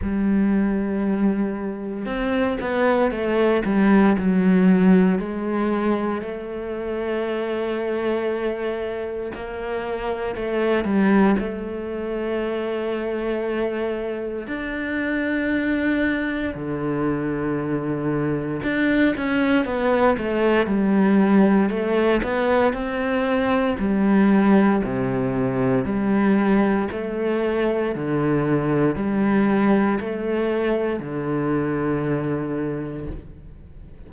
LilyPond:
\new Staff \with { instrumentName = "cello" } { \time 4/4 \tempo 4 = 58 g2 c'8 b8 a8 g8 | fis4 gis4 a2~ | a4 ais4 a8 g8 a4~ | a2 d'2 |
d2 d'8 cis'8 b8 a8 | g4 a8 b8 c'4 g4 | c4 g4 a4 d4 | g4 a4 d2 | }